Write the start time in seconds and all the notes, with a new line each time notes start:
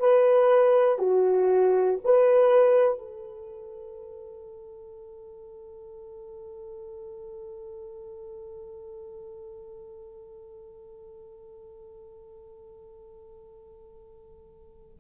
0.00 B4
0.99 F#4
2.05 B4
2.99 A4